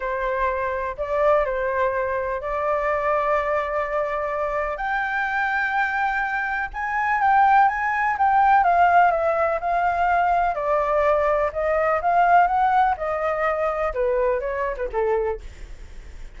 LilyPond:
\new Staff \with { instrumentName = "flute" } { \time 4/4 \tempo 4 = 125 c''2 d''4 c''4~ | c''4 d''2.~ | d''2 g''2~ | g''2 gis''4 g''4 |
gis''4 g''4 f''4 e''4 | f''2 d''2 | dis''4 f''4 fis''4 dis''4~ | dis''4 b'4 cis''8. b'16 a'4 | }